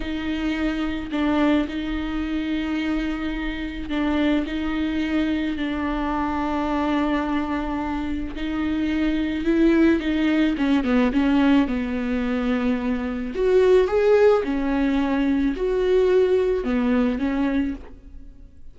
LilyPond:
\new Staff \with { instrumentName = "viola" } { \time 4/4 \tempo 4 = 108 dis'2 d'4 dis'4~ | dis'2. d'4 | dis'2 d'2~ | d'2. dis'4~ |
dis'4 e'4 dis'4 cis'8 b8 | cis'4 b2. | fis'4 gis'4 cis'2 | fis'2 b4 cis'4 | }